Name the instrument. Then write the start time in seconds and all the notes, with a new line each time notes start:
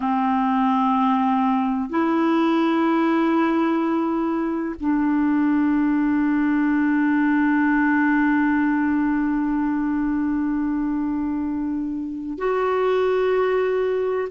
clarinet
0.00 C4
1.89 E4
4.80 D4
12.38 F#4